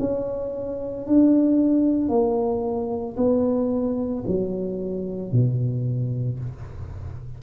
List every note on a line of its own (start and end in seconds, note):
0.00 1.07 C#4
1.07 2.09 D4
2.09 3.17 A#3
3.18 4.25 B3
4.27 5.32 F#3
5.32 6.39 B2